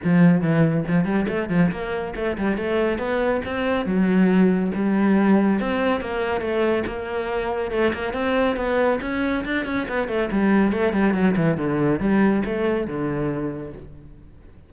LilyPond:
\new Staff \with { instrumentName = "cello" } { \time 4/4 \tempo 4 = 140 f4 e4 f8 g8 a8 f8 | ais4 a8 g8 a4 b4 | c'4 fis2 g4~ | g4 c'4 ais4 a4 |
ais2 a8 ais8 c'4 | b4 cis'4 d'8 cis'8 b8 a8 | g4 a8 g8 fis8 e8 d4 | g4 a4 d2 | }